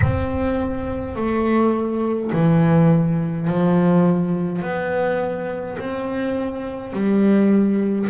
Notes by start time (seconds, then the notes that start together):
0.01 C4
1.15 A3
2.32 E3
3.47 F3
4.62 B3
5.78 C4
6.92 G3